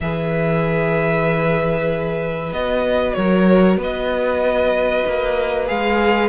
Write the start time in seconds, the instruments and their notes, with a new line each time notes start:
0.01 cello E3, viola G#4, violin B4 E5
2.52 cello B3, viola F#4, violin D#5
3.13 cello F#3, violin A#4 C#5
3.77 cello B3, violin B4 D#5
5.07 cello A#3
5.66 cello G#3, viola G#4, violin F5